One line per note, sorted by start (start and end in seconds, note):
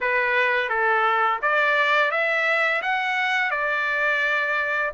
0.00 0.69 B4
0.69 1.40 A4
1.41 2.11 D5
2.11 2.81 E5
2.82 3.50 F#5
3.50 4.92 D5